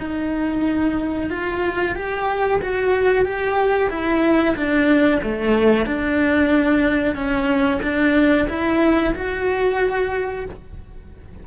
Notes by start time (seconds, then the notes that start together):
0.00 D#4
1.31 F4
1.96 G4
2.62 F#4
3.25 G4
3.90 E4
4.57 D4
5.23 A3
5.86 D4
7.16 C#4
7.83 D4
8.49 E4
9.15 F#4